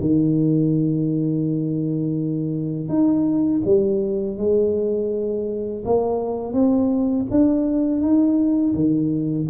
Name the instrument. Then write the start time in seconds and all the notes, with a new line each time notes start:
tuba
0.00 D#3
2.88 D#4
3.65 G3
4.37 G#3
5.85 A#3
6.53 C4
7.30 D4
8.01 D#4
8.74 D#3